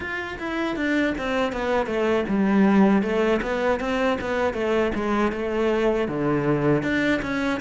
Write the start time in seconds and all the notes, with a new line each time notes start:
0.00 F4
0.38 E4
0.76 D4
1.18 C4
1.52 B3
1.86 A3
2.28 G3
3.02 A3
3.41 B3
3.79 C4
4.20 B3
4.53 A3
4.94 G#3
5.32 A3
6.08 D3
6.83 D4
7.22 C#4